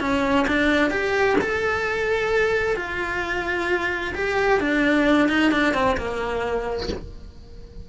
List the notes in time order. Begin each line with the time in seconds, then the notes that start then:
0.00 C#4
0.47 D4
0.90 G4
1.41 A4
2.76 F4
4.14 G4
4.60 D4
5.28 D#4
5.51 D4
5.73 C4
5.97 A#3